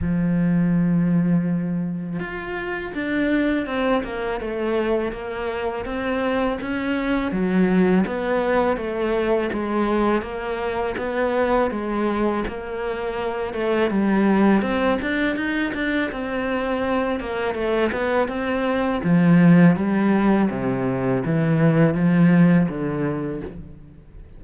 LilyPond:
\new Staff \with { instrumentName = "cello" } { \time 4/4 \tempo 4 = 82 f2. f'4 | d'4 c'8 ais8 a4 ais4 | c'4 cis'4 fis4 b4 | a4 gis4 ais4 b4 |
gis4 ais4. a8 g4 | c'8 d'8 dis'8 d'8 c'4. ais8 | a8 b8 c'4 f4 g4 | c4 e4 f4 d4 | }